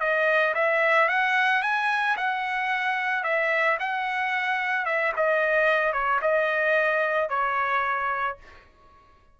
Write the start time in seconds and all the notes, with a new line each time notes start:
0.00 D#5
0.54 E5
1.08 F#5
1.62 G#5
2.17 F#5
3.23 E5
3.80 F#5
4.85 E5
5.16 D#5
5.93 C#5
6.22 D#5
7.29 C#5